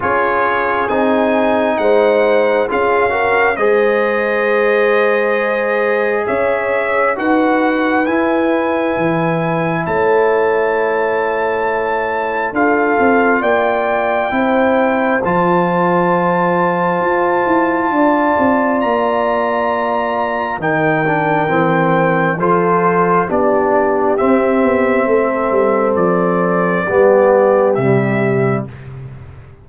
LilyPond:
<<
  \new Staff \with { instrumentName = "trumpet" } { \time 4/4 \tempo 4 = 67 cis''4 gis''4 fis''4 f''4 | dis''2. e''4 | fis''4 gis''2 a''4~ | a''2 f''4 g''4~ |
g''4 a''2.~ | a''4 ais''2 g''4~ | g''4 c''4 d''4 e''4~ | e''4 d''2 e''4 | }
  \new Staff \with { instrumentName = "horn" } { \time 4/4 gis'2 c''4 gis'8 ais'8 | c''2. cis''4 | b'2. cis''4~ | cis''2 a'4 d''4 |
c''1 | d''2. ais'4~ | ais'4 a'4 g'2 | a'2 g'2 | }
  \new Staff \with { instrumentName = "trombone" } { \time 4/4 f'4 dis'2 f'8 fis'8 | gis'1 | fis'4 e'2.~ | e'2 f'2 |
e'4 f'2.~ | f'2. dis'8 d'8 | c'4 f'4 d'4 c'4~ | c'2 b4 g4 | }
  \new Staff \with { instrumentName = "tuba" } { \time 4/4 cis'4 c'4 gis4 cis'4 | gis2. cis'4 | dis'4 e'4 e4 a4~ | a2 d'8 c'8 ais4 |
c'4 f2 f'8 e'8 | d'8 c'8 ais2 dis4 | e4 f4 b4 c'8 b8 | a8 g8 f4 g4 c4 | }
>>